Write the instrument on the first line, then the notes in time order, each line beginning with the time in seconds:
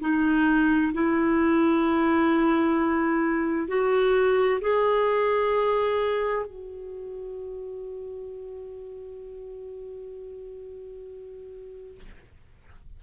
clarinet
0.00 D#4
0.93 E4
3.68 F#4
4.61 G#4
6.46 F#4